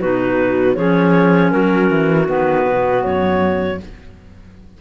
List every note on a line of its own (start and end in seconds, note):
0.00 0.77 B2
0.00 0.76 D#4
0.00 0.76 F#4
0.00 0.75 B4
0.75 1.52 F3
0.75 2.26 C#4
0.75 1.52 G#4
0.75 1.51 C#5
1.51 1.90 F#3
1.51 3.80 F#4
1.51 2.27 A#4
1.91 2.29 E3
2.26 2.66 D#3
2.26 3.78 B3
2.26 3.04 B4
2.66 3.04 B2
3.04 3.81 F#2
3.04 3.80 C#5